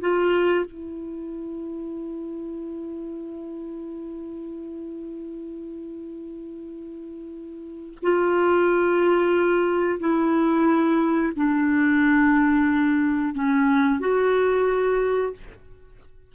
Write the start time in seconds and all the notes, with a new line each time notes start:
0.00 F4
0.65 E4
8.02 F4
9.99 E4
11.35 D4
13.35 C#4
14.00 F#4